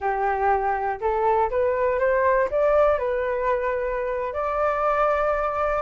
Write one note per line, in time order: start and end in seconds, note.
0.00 1.00 G4
1.00 1.50 A4
1.50 1.99 B4
1.99 2.48 C5
2.50 2.98 D5
2.98 4.33 B4
4.33 5.82 D5